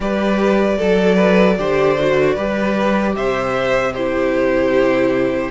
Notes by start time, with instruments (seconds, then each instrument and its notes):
0.00 cello G3, viola G4, violin B4 D5
0.78 cello F#3, violin A4, viola A4
1.15 violin B4
1.58 cello D3, viola G4, violin C5
1.99 viola F#4
2.34 cello G3, viola G4, violin B4
3.15 cello C3, violin C5 E5
3.92 viola E4, violin G4 C5